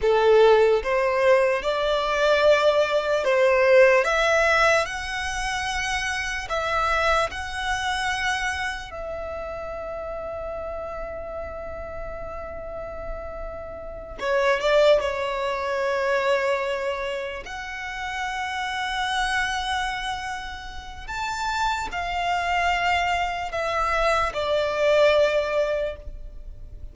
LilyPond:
\new Staff \with { instrumentName = "violin" } { \time 4/4 \tempo 4 = 74 a'4 c''4 d''2 | c''4 e''4 fis''2 | e''4 fis''2 e''4~ | e''1~ |
e''4. cis''8 d''8 cis''4.~ | cis''4. fis''2~ fis''8~ | fis''2 a''4 f''4~ | f''4 e''4 d''2 | }